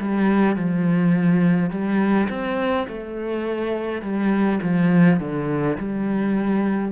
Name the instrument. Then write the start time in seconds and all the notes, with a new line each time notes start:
cello
0.00 G3
0.56 F3
1.71 G3
2.30 C4
2.88 A3
4.02 G3
4.63 F3
5.20 D3
5.78 G3